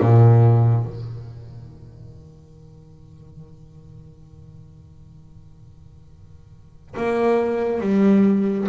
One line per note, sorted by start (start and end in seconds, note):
0.00 0.85 A#2
0.85 6.94 D#3
6.96 7.80 A#3
7.80 8.67 G3